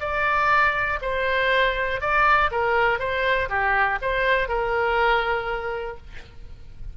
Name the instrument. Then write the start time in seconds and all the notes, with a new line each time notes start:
oboe
0.00 D5
1.02 C5
2.01 D5
2.51 A#4
2.99 C5
3.49 G4
4.02 C5
4.48 A#4